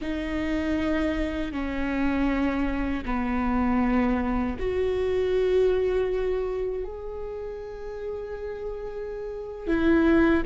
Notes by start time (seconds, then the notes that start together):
0.01 D#4
1.52 C#4
3.05 B3
4.59 F#4
6.84 G#4
9.67 E4